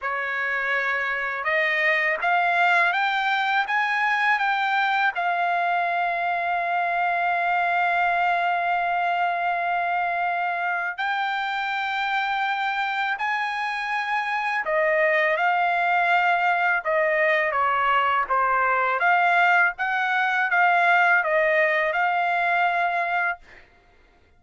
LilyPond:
\new Staff \with { instrumentName = "trumpet" } { \time 4/4 \tempo 4 = 82 cis''2 dis''4 f''4 | g''4 gis''4 g''4 f''4~ | f''1~ | f''2. g''4~ |
g''2 gis''2 | dis''4 f''2 dis''4 | cis''4 c''4 f''4 fis''4 | f''4 dis''4 f''2 | }